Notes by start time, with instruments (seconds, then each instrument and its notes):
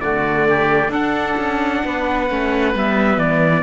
0.00 cello D3, viola A3, oboe F#4, trumpet D5
0.48 oboe G4
0.89 cello D4, viola D4, oboe A4, trumpet F#5
1.37 cello C#4
1.84 cello B3, oboe B4
2.29 cello A3, viola C#4
2.74 cello G3, viola B3, trumpet E5
3.17 cello E3, trumpet D5